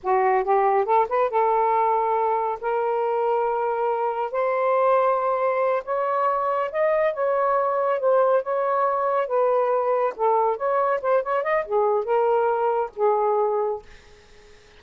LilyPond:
\new Staff \with { instrumentName = "saxophone" } { \time 4/4 \tempo 4 = 139 fis'4 g'4 a'8 b'8 a'4~ | a'2 ais'2~ | ais'2 c''2~ | c''4. cis''2 dis''8~ |
dis''8 cis''2 c''4 cis''8~ | cis''4. b'2 a'8~ | a'8 cis''4 c''8 cis''8 dis''8 gis'4 | ais'2 gis'2 | }